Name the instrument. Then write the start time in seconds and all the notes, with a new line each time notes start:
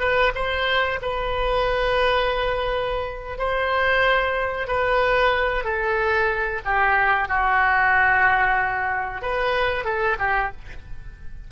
oboe
0.00 B4
0.35 C5
1.02 B4
3.39 C5
4.68 B4
5.65 A4
6.65 G4
7.28 F#4
9.22 B4
9.85 A4
10.19 G4